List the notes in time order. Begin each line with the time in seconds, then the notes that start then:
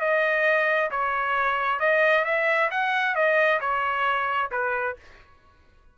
0.00 D#5
0.90 C#5
1.79 D#5
2.25 E5
2.71 F#5
3.15 D#5
3.60 C#5
4.51 B4